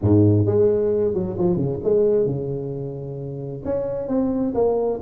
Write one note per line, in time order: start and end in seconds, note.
0.01 0.46 G#2
0.46 1.14 G#3
1.14 1.36 F#3
1.38 1.56 F3
1.56 1.79 C#3
1.83 2.26 G#3
2.26 3.62 C#3
3.64 4.08 C#4
4.08 4.53 C4
4.54 4.99 A#3